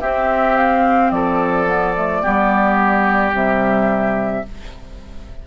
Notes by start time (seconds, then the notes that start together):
0.00 C4 G4 E5
0.56 F5
1.10 F3 A4 D5
1.66 B3
1.96 A3
2.22 G3 B3 G4
3.31 C3 G3 E5